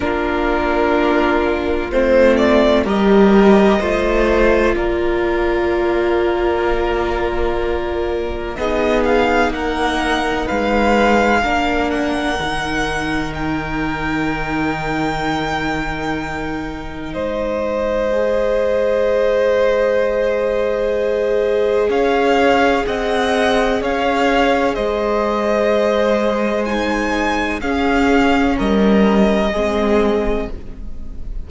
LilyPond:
<<
  \new Staff \with { instrumentName = "violin" } { \time 4/4 \tempo 4 = 63 ais'2 c''8 d''8 dis''4~ | dis''4 d''2.~ | d''4 dis''8 f''8 fis''4 f''4~ | f''8 fis''4. g''2~ |
g''2 dis''2~ | dis''2. f''4 | fis''4 f''4 dis''2 | gis''4 f''4 dis''2 | }
  \new Staff \with { instrumentName = "violin" } { \time 4/4 f'2. ais'4 | c''4 ais'2.~ | ais'4 gis'4 ais'4 b'4 | ais'1~ |
ais'2 c''2~ | c''2. cis''4 | dis''4 cis''4 c''2~ | c''4 gis'4 ais'4 gis'4 | }
  \new Staff \with { instrumentName = "viola" } { \time 4/4 d'2 c'4 g'4 | f'1~ | f'4 dis'2. | d'4 dis'2.~ |
dis'2. gis'4~ | gis'1~ | gis'1 | dis'4 cis'2 c'4 | }
  \new Staff \with { instrumentName = "cello" } { \time 4/4 ais2 a4 g4 | a4 ais2.~ | ais4 b4 ais4 gis4 | ais4 dis2.~ |
dis2 gis2~ | gis2. cis'4 | c'4 cis'4 gis2~ | gis4 cis'4 g4 gis4 | }
>>